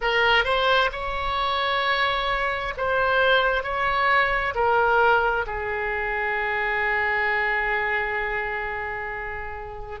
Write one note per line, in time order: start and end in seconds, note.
0.01 0.44 A#4
0.44 0.90 C5
0.92 2.74 C#5
2.77 3.63 C5
3.63 4.54 C#5
4.55 5.45 A#4
5.46 10.00 G#4